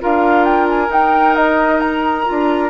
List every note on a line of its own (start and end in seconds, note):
0.00 0.88 D4
0.00 0.87 F4
0.00 2.69 A#4
0.00 0.44 F5
0.44 0.67 G5
0.68 0.91 G#5
0.87 2.23 D#4
0.87 2.25 D#4
0.87 1.35 G5
1.35 1.80 D#5
1.80 2.69 A#5
2.25 2.69 D4
2.25 2.69 F4